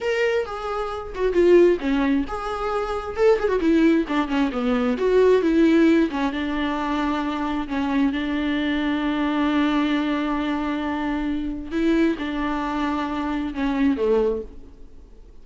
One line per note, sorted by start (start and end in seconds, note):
0.00 0.45 A#4
0.45 1.13 G#4
1.14 1.32 F#4
1.32 1.78 F4
1.80 2.25 C#4
2.27 3.16 G#4
3.16 3.38 A4
3.39 3.47 G#4
3.47 3.59 F#4
3.60 4.05 E4
4.08 4.28 D4
4.28 4.50 C#4
4.52 4.97 B3
4.97 5.41 F#4
5.41 6.09 E4
6.10 6.32 C#4
6.32 7.67 D4
7.68 8.12 C#4
8.12 11.71 D4
11.71 12.16 E4
12.18 13.53 D4
13.53 13.96 C#4
13.96 14.42 A3